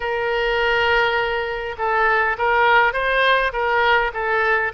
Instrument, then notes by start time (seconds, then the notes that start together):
oboe
0.00 A#4
1.78 A4
2.38 A#4
2.93 C5
3.53 A#4
4.13 A4